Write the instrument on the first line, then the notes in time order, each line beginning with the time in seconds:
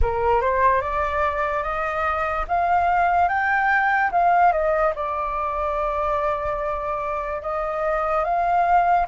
flute
0.01 A#4
0.41 C5
0.81 D5
1.63 D#5
2.47 F5
3.28 G5
4.11 F5
4.52 D#5
4.95 D5
7.42 D#5
8.24 F5